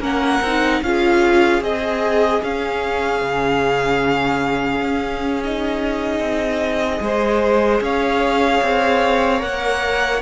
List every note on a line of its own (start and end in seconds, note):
0.00 0.40 A#3
0.00 0.40 C#4
0.00 0.81 A#4
0.00 0.83 F#5
0.41 0.81 C4
0.41 0.84 D#4
0.82 1.61 C#4
0.82 1.61 F4
0.82 7.04 G#4
0.82 1.63 F5
1.61 2.41 C4
1.61 2.41 G#4
1.61 2.43 D#5
2.43 3.21 C#4
2.43 5.43 C#4
2.43 5.43 F5
3.21 4.81 C#3
4.81 6.20 C#4
5.43 7.01 D#4
5.43 7.83 D#5
6.20 7.00 C4
7.00 7.80 G#3
7.00 9.39 G#4
7.00 7.83 C5
7.81 8.61 C#4
7.81 10.22 C#5
7.81 9.42 F5
8.62 9.42 C4
9.39 10.22 A#3
9.39 10.19 A#4
9.39 10.22 F#5